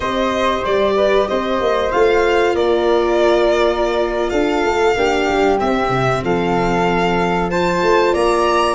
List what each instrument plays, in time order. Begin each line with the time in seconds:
0.00 tuba C4, viola G4, flute C5, violin D#5
0.65 tuba G3, violin D5
0.95 flute B4
1.28 tuba C4, flute C5, violin D#5
1.60 tuba A#3
1.91 tuba A3, viola F4, violin F5
2.54 tuba A#3, flute A#4, violin D5
4.29 tuba D4, flute A4, violin F5
4.63 tuba A3
4.96 tuba A#3, viola D4, flute G4
5.28 tuba G3
5.58 viola C4, tuba C4, violin E5
5.89 tuba C3
6.24 tuba F3, flute A4, violin F5
7.50 viola F4, flute C5, violin A5
7.82 tuba A3
8.13 tuba A#3, flute D5, violin A#5